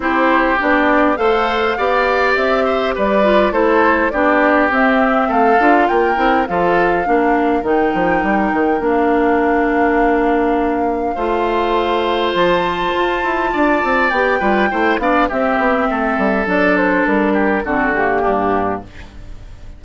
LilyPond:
<<
  \new Staff \with { instrumentName = "flute" } { \time 4/4 \tempo 4 = 102 c''4 d''4 f''2 | e''4 d''4 c''4 d''4 | e''4 f''4 g''4 f''4~ | f''4 g''2 f''4~ |
f''1~ | f''4 a''2. | g''4. f''8 e''2 | d''8 c''8 ais'4 a'8 g'4. | }
  \new Staff \with { instrumentName = "oboe" } { \time 4/4 g'2 c''4 d''4~ | d''8 c''8 b'4 a'4 g'4~ | g'4 a'4 ais'4 a'4 | ais'1~ |
ais'2. c''4~ | c''2. d''4~ | d''8 b'8 c''8 d''8 g'4 a'4~ | a'4. g'8 fis'4 d'4 | }
  \new Staff \with { instrumentName = "clarinet" } { \time 4/4 e'4 d'4 a'4 g'4~ | g'4. f'8 e'4 d'4 | c'4. f'4 e'8 f'4 | d'4 dis'2 d'4~ |
d'2. f'4~ | f'1 | g'8 f'8 e'8 d'8 c'2 | d'2 c'8 ais4. | }
  \new Staff \with { instrumentName = "bassoon" } { \time 4/4 c'4 b4 a4 b4 | c'4 g4 a4 b4 | c'4 a8 d'8 ais8 c'8 f4 | ais4 dis8 f8 g8 dis8 ais4~ |
ais2. a4~ | a4 f4 f'8 e'8 d'8 c'8 | b8 g8 a8 b8 c'8 b8 a8 g8 | fis4 g4 d4 g,4 | }
>>